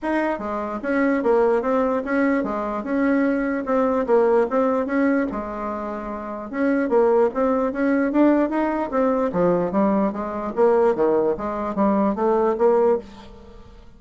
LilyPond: \new Staff \with { instrumentName = "bassoon" } { \time 4/4 \tempo 4 = 148 dis'4 gis4 cis'4 ais4 | c'4 cis'4 gis4 cis'4~ | cis'4 c'4 ais4 c'4 | cis'4 gis2. |
cis'4 ais4 c'4 cis'4 | d'4 dis'4 c'4 f4 | g4 gis4 ais4 dis4 | gis4 g4 a4 ais4 | }